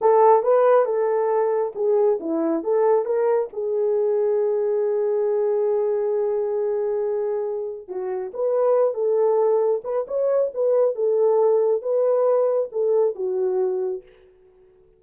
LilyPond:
\new Staff \with { instrumentName = "horn" } { \time 4/4 \tempo 4 = 137 a'4 b'4 a'2 | gis'4 e'4 a'4 ais'4 | gis'1~ | gis'1~ |
gis'2 fis'4 b'4~ | b'8 a'2 b'8 cis''4 | b'4 a'2 b'4~ | b'4 a'4 fis'2 | }